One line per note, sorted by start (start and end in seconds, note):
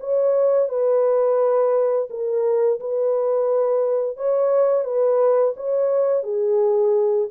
0.00 0.69 C#5
0.69 2.08 B4
2.10 2.80 A#4
2.80 4.17 B4
4.17 4.84 C#5
4.84 5.54 B4
5.56 6.23 C#5
6.23 7.28 G#4